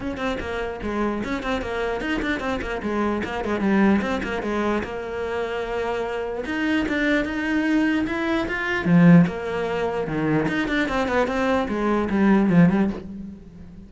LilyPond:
\new Staff \with { instrumentName = "cello" } { \time 4/4 \tempo 4 = 149 cis'8 c'8 ais4 gis4 cis'8 c'8 | ais4 dis'8 d'8 c'8 ais8 gis4 | ais8 gis8 g4 c'8 ais8 gis4 | ais1 |
dis'4 d'4 dis'2 | e'4 f'4 f4 ais4~ | ais4 dis4 dis'8 d'8 c'8 b8 | c'4 gis4 g4 f8 g8 | }